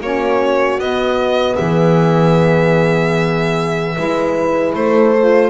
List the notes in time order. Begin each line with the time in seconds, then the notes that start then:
0.00 A#3 C#4 F#4 C#5
0.78 B3 D#5
1.56 E3 G#4 E5
3.96 G#3 E4 B4
4.73 A3 A4 C5
5.19 F4